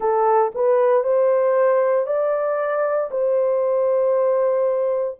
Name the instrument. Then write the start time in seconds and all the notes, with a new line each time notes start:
horn
0.00 A4
0.55 B4
1.03 C5
2.06 D5
3.10 C5